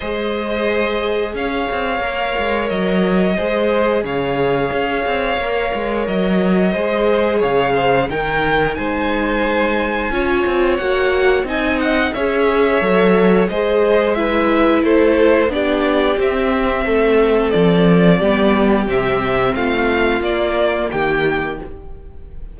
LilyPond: <<
  \new Staff \with { instrumentName = "violin" } { \time 4/4 \tempo 4 = 89 dis''2 f''2 | dis''2 f''2~ | f''4 dis''2 f''4 | g''4 gis''2. |
fis''4 gis''8 fis''8 e''2 | dis''4 e''4 c''4 d''4 | e''2 d''2 | e''4 f''4 d''4 g''4 | }
  \new Staff \with { instrumentName = "violin" } { \time 4/4 c''2 cis''2~ | cis''4 c''4 cis''2~ | cis''2 c''4 cis''8 c''8 | ais'4 c''2 cis''4~ |
cis''4 dis''4 cis''2 | c''4 b'4 a'4 g'4~ | g'4 a'2 g'4~ | g'4 f'2 g'4 | }
  \new Staff \with { instrumentName = "viola" } { \time 4/4 gis'2. ais'4~ | ais'4 gis'2. | ais'2 gis'2 | dis'2. f'4 |
fis'4 dis'4 gis'4 a'4 | gis'4 e'2 d'4 | c'2. b4 | c'2 ais2 | }
  \new Staff \with { instrumentName = "cello" } { \time 4/4 gis2 cis'8 c'8 ais8 gis8 | fis4 gis4 cis4 cis'8 c'8 | ais8 gis8 fis4 gis4 cis4 | dis4 gis2 cis'8 c'8 |
ais4 c'4 cis'4 fis4 | gis2 a4 b4 | c'4 a4 f4 g4 | c4 a4 ais4 dis4 | }
>>